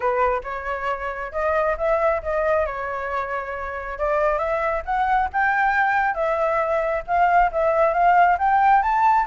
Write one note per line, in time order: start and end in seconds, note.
0.00 0.41 B4
0.43 1.32 C#5
1.32 1.76 D#5
1.77 2.21 E5
2.22 2.66 D#5
2.66 3.98 C#5
3.98 4.38 D5
4.38 4.82 E5
4.85 5.29 F#5
5.32 6.14 G5
6.14 7.02 E5
7.07 7.51 F5
7.51 7.93 E5
7.93 8.37 F5
8.38 8.82 G5
8.82 9.26 A5